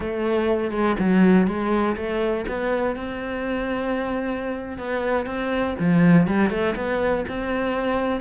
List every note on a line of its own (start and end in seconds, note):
0.00 0.71 A3
0.71 0.95 G#3
0.99 1.47 F#3
1.47 1.96 G#3
1.96 2.45 A3
2.48 2.96 B3
2.96 4.78 C4
4.78 5.26 B3
5.26 5.75 C4
5.79 6.27 F3
6.27 6.50 G3
6.50 6.74 A3
6.75 7.24 B3
7.28 8.20 C4